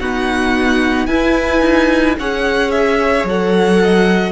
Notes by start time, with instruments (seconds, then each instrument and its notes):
0.00 viola B3, cello D#4, violin F#4 F#5
1.06 cello E4, viola E4, violin B4 G#5
1.61 cello D#4
2.19 cello C#4, viola G#4, violin C#5 F#5
2.71 violin E5
3.24 cello F#3, viola A4, violin F#5
3.83 violin D#5